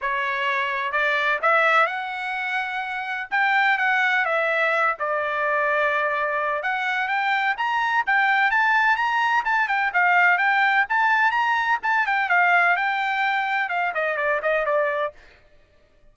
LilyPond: \new Staff \with { instrumentName = "trumpet" } { \time 4/4 \tempo 4 = 127 cis''2 d''4 e''4 | fis''2. g''4 | fis''4 e''4. d''4.~ | d''2 fis''4 g''4 |
ais''4 g''4 a''4 ais''4 | a''8 g''8 f''4 g''4 a''4 | ais''4 a''8 g''8 f''4 g''4~ | g''4 f''8 dis''8 d''8 dis''8 d''4 | }